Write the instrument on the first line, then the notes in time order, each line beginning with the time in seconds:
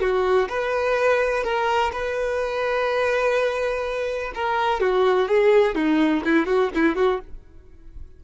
violin
0.00 F#4
0.48 B4
1.43 A#4
1.92 B4
4.34 A#4
4.80 F#4
5.28 G#4
5.75 D#4
6.24 E4
6.46 F#4
6.74 E4
6.95 F#4